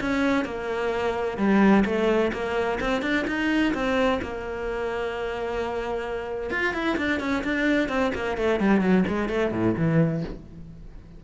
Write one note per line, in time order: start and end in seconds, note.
0.00 0.45 C#4
0.45 1.37 A#3
1.37 1.84 G3
1.85 2.31 A3
2.32 2.79 A#3
2.80 3.01 C4
3.01 3.25 D4
3.27 3.73 D#4
3.74 4.20 C4
4.22 6.50 A#3
6.50 6.73 F4
6.73 6.97 E4
6.97 7.20 D4
7.20 7.43 C#4
7.44 7.89 D4
7.89 8.12 C4
8.14 8.37 A#3
8.37 8.60 A3
8.60 8.81 G3
8.81 9.04 F#3
9.07 9.29 G#3
9.29 9.51 A3
9.51 9.74 A2
9.77 10.23 E3